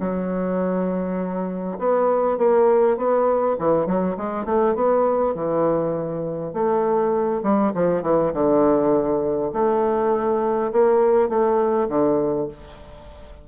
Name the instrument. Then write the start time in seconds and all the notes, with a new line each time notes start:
bassoon
0.00 F#3
1.79 B3
2.38 A#3
2.97 B3
3.59 E3
3.86 F#3
4.17 G#3
4.45 A3
4.75 B3
5.35 E3
6.53 A3
7.43 G3
7.74 F3
8.03 E3
8.34 D3
9.53 A3
10.72 A#3
11.29 A3
11.89 D3